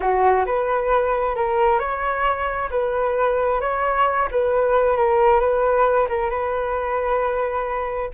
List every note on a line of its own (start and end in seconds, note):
0.00 0.45 F#4
0.45 1.35 B4
1.35 1.79 A#4
1.79 2.69 C#5
2.70 3.60 B4
3.60 4.28 C#5
4.31 4.96 B4
4.96 5.40 A#4
5.40 6.07 B4
6.08 6.30 A#4
6.30 8.10 B4